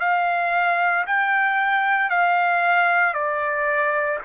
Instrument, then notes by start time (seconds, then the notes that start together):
trumpet
0.00 F5
1.07 G5
2.11 F5
3.14 D5